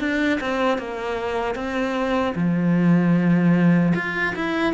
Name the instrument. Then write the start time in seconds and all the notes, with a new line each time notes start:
cello
0.00 D4
0.41 C4
0.78 A#3
1.55 C4
2.35 F3
3.95 F4
4.35 E4